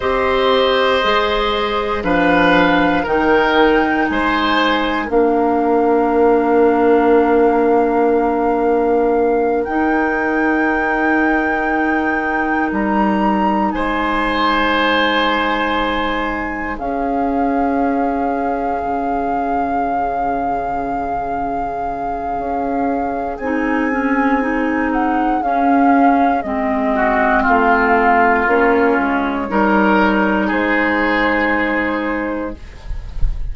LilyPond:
<<
  \new Staff \with { instrumentName = "flute" } { \time 4/4 \tempo 4 = 59 dis''2 f''4 g''4 | gis''4 f''2.~ | f''4. g''2~ g''8~ | g''8 ais''4 gis''2~ gis''8~ |
gis''8 f''2.~ f''8~ | f''2. gis''4~ | gis''8 fis''8 f''4 dis''4 f''4 | cis''2 c''2 | }
  \new Staff \with { instrumentName = "oboe" } { \time 4/4 c''2 b'4 ais'4 | c''4 ais'2.~ | ais'1~ | ais'4. c''2~ c''8~ |
c''8 gis'2.~ gis'8~ | gis'1~ | gis'2~ gis'8 fis'8 f'4~ | f'4 ais'4 gis'2 | }
  \new Staff \with { instrumentName = "clarinet" } { \time 4/4 g'4 gis'4 d'4 dis'4~ | dis'4 d'2.~ | d'4. dis'2~ dis'8~ | dis'1~ |
dis'8 cis'2.~ cis'8~ | cis'2. dis'8 cis'8 | dis'4 cis'4 c'2 | cis'4 dis'2. | }
  \new Staff \with { instrumentName = "bassoon" } { \time 4/4 c'4 gis4 f4 dis4 | gis4 ais2.~ | ais4. dis'2~ dis'8~ | dis'8 g4 gis2~ gis8~ |
gis8 cis'2 cis4.~ | cis2 cis'4 c'4~ | c'4 cis'4 gis4 a4 | ais8 gis8 g4 gis2 | }
>>